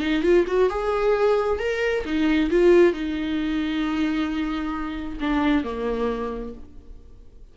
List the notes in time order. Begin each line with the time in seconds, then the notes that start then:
0.00 D#4
0.23 F4
0.47 F#4
0.69 G#4
1.59 A#4
2.05 D#4
2.50 F4
2.93 D#4
5.20 D4
5.63 A#3